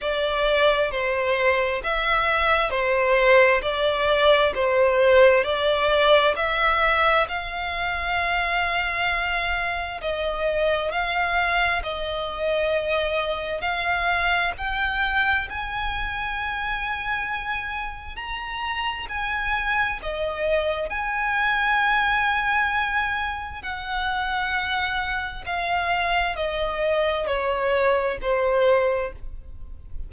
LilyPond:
\new Staff \with { instrumentName = "violin" } { \time 4/4 \tempo 4 = 66 d''4 c''4 e''4 c''4 | d''4 c''4 d''4 e''4 | f''2. dis''4 | f''4 dis''2 f''4 |
g''4 gis''2. | ais''4 gis''4 dis''4 gis''4~ | gis''2 fis''2 | f''4 dis''4 cis''4 c''4 | }